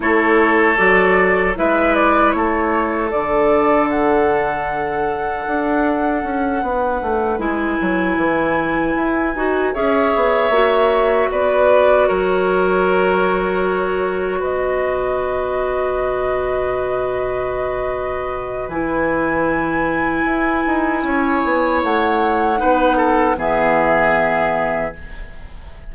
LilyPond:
<<
  \new Staff \with { instrumentName = "flute" } { \time 4/4 \tempo 4 = 77 cis''4 d''4 e''8 d''8 cis''4 | d''4 fis''2.~ | fis''4. gis''2~ gis''8~ | gis''8 e''2 d''4 cis''8~ |
cis''2~ cis''8 dis''4.~ | dis''1 | gis''1 | fis''2 e''2 | }
  \new Staff \with { instrumentName = "oboe" } { \time 4/4 a'2 b'4 a'4~ | a'1~ | a'8 b'2.~ b'8~ | b'8 cis''2 b'4 ais'8~ |
ais'2~ ais'8 b'4.~ | b'1~ | b'2. cis''4~ | cis''4 b'8 a'8 gis'2 | }
  \new Staff \with { instrumentName = "clarinet" } { \time 4/4 e'4 fis'4 e'2 | d'1~ | d'4. e'2~ e'8 | fis'8 gis'4 fis'2~ fis'8~ |
fis'1~ | fis'1 | e'1~ | e'4 dis'4 b2 | }
  \new Staff \with { instrumentName = "bassoon" } { \time 4/4 a4 fis4 gis4 a4 | d2. d'4 | cis'8 b8 a8 gis8 fis8 e4 e'8 | dis'8 cis'8 b8 ais4 b4 fis8~ |
fis2~ fis8 b,4.~ | b,1 | e2 e'8 dis'8 cis'8 b8 | a4 b4 e2 | }
>>